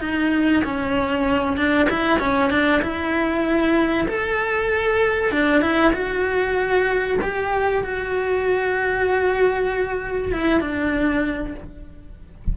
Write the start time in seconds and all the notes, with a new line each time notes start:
0.00 D#4
0.64 C#4
1.57 D4
1.89 E4
2.19 C#4
2.50 D4
2.82 E4
4.08 A4
5.31 D4
5.62 E4
5.93 F#4
7.22 G4
7.83 F#4
10.32 E4
10.61 D4